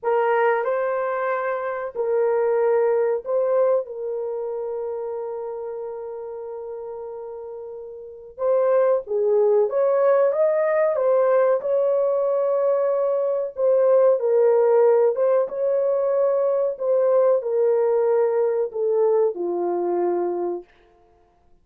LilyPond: \new Staff \with { instrumentName = "horn" } { \time 4/4 \tempo 4 = 93 ais'4 c''2 ais'4~ | ais'4 c''4 ais'2~ | ais'1~ | ais'4 c''4 gis'4 cis''4 |
dis''4 c''4 cis''2~ | cis''4 c''4 ais'4. c''8 | cis''2 c''4 ais'4~ | ais'4 a'4 f'2 | }